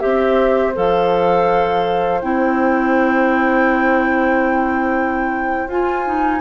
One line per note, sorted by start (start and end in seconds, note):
0.00 0.77 C4
0.00 0.73 G4
0.00 6.41 C5
0.00 0.73 E5
0.75 2.22 F3
0.75 2.21 A4
0.75 2.22 F5
2.22 5.67 C4
2.22 5.70 E4
2.22 5.70 G5
5.67 6.40 F4
5.67 6.05 F4
5.67 6.41 G#5
6.05 6.41 D#4